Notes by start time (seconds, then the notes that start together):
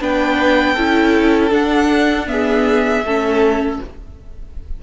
0.00 B3 D4 B4 G5
0.74 C#4 E4 A4
1.51 D4 F#5
2.27 B3 G#4 E5
3.04 A3 C#4 A4